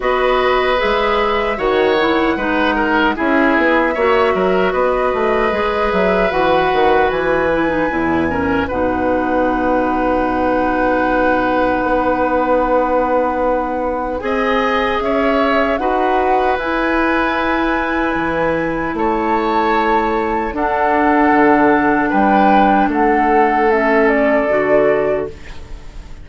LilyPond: <<
  \new Staff \with { instrumentName = "flute" } { \time 4/4 \tempo 4 = 76 dis''4 e''4 fis''2 | e''2 dis''4. e''8 | fis''4 gis''2 fis''4~ | fis''1~ |
fis''2 gis''4 e''4 | fis''4 gis''2. | a''2 fis''2 | g''4 fis''4 e''8 d''4. | }
  \new Staff \with { instrumentName = "oboe" } { \time 4/4 b'2 cis''4 b'8 ais'8 | gis'4 cis''8 ais'8 b'2~ | b'2~ b'8 ais'8 b'4~ | b'1~ |
b'2 dis''4 cis''4 | b'1 | cis''2 a'2 | b'4 a'2. | }
  \new Staff \with { instrumentName = "clarinet" } { \time 4/4 fis'4 gis'4 fis'8 e'8 dis'4 | e'4 fis'2 gis'4 | fis'4. e'16 dis'16 e'8 cis'8 dis'4~ | dis'1~ |
dis'2 gis'2 | fis'4 e'2.~ | e'2 d'2~ | d'2 cis'4 fis'4 | }
  \new Staff \with { instrumentName = "bassoon" } { \time 4/4 b4 gis4 dis4 gis4 | cis'8 b8 ais8 fis8 b8 a8 gis8 fis8 | e8 dis8 e4 e,4 b,4~ | b,2. b4~ |
b2 c'4 cis'4 | dis'4 e'2 e4 | a2 d'4 d4 | g4 a2 d4 | }
>>